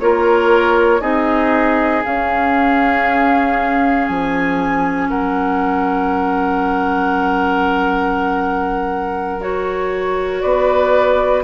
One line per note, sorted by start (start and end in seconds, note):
0.00 1.01 A#3
0.00 1.01 F4
0.00 1.01 A#4
0.00 1.01 C#5
1.01 2.03 C4
1.01 2.02 D#4
1.01 5.08 G#4
1.01 2.03 D#5
2.05 9.41 C#4
2.05 4.09 C#4
2.05 4.07 F5
4.07 5.10 F3
4.07 5.09 G#5
5.10 10.44 F#3
5.10 10.42 A#4
5.10 9.42 F#5
9.41 11.44 F#4
9.41 10.41 C#5
10.41 11.44 B3
10.41 11.44 B4
10.41 11.43 D5